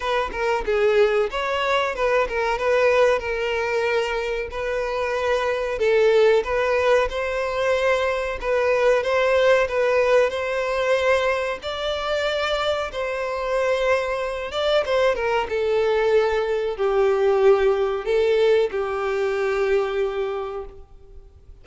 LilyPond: \new Staff \with { instrumentName = "violin" } { \time 4/4 \tempo 4 = 93 b'8 ais'8 gis'4 cis''4 b'8 ais'8 | b'4 ais'2 b'4~ | b'4 a'4 b'4 c''4~ | c''4 b'4 c''4 b'4 |
c''2 d''2 | c''2~ c''8 d''8 c''8 ais'8 | a'2 g'2 | a'4 g'2. | }